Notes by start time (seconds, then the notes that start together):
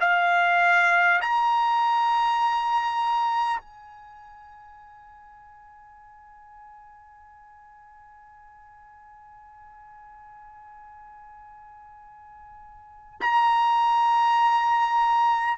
0.00 F5
1.21 A#5
3.59 G#5
13.21 A#5